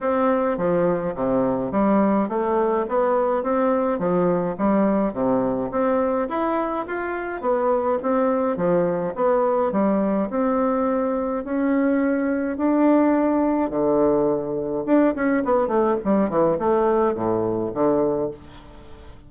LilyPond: \new Staff \with { instrumentName = "bassoon" } { \time 4/4 \tempo 4 = 105 c'4 f4 c4 g4 | a4 b4 c'4 f4 | g4 c4 c'4 e'4 | f'4 b4 c'4 f4 |
b4 g4 c'2 | cis'2 d'2 | d2 d'8 cis'8 b8 a8 | g8 e8 a4 a,4 d4 | }